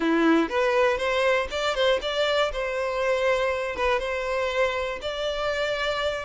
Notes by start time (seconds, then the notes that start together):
0.00 E4
0.49 B4
0.97 C5
1.50 D5
1.74 C5
2.01 D5
2.52 C5
3.75 B4
3.99 C5
5.01 D5